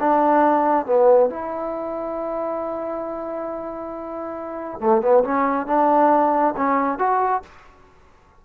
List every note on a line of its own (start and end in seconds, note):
0.00 0.86 D4
0.86 1.30 B3
1.30 4.80 E4
4.80 5.02 A3
5.02 5.24 B3
5.24 5.67 C#4
5.67 6.54 D4
6.57 6.99 C#4
6.99 7.43 F#4